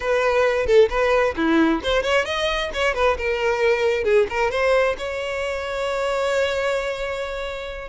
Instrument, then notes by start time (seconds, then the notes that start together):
violin
0.00 B4
0.66 A4
0.89 B4
1.36 E4
1.83 C5
2.02 C#5
2.25 D#5
2.73 C#5
2.94 B4
3.17 A#4
4.04 G#4
4.29 A#4
4.51 C5
4.97 C#5